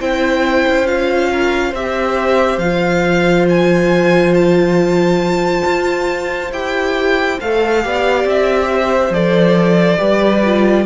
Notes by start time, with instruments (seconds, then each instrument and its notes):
0.00 cello C4, viola E4, violin C5 G5
0.67 cello C#4
0.86 viola F4, violin F5
1.31 violin A#4
1.70 cello C4, viola G4, violin C5 E5
2.58 cello F3, viola F4, violin F5
3.49 violin G#5
4.34 violin A5
5.66 cello F4
6.51 cello E4, viola G4, violin G5
7.40 cello A3, viola A4, violin F5
7.82 cello B3, viola G4, violin D5
8.24 cello C4, violin E5
8.71 violin C5
9.10 cello F3, viola A4, violin D5
9.97 cello G3, viola G4, violin B4
10.45 viola F4